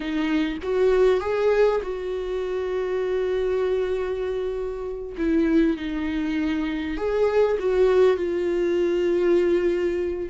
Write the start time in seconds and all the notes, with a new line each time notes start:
0.00 D#4
0.63 F#4
1.20 G#4
1.82 F#4
5.17 E4
5.76 D#4
6.97 G#4
7.59 F#4
8.17 F4